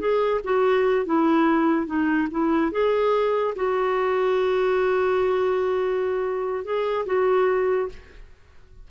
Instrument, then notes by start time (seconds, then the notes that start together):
clarinet
0.00 G#4
0.45 F#4
1.06 E4
1.87 D#4
2.31 E4
2.72 G#4
3.56 F#4
6.65 G#4
7.06 F#4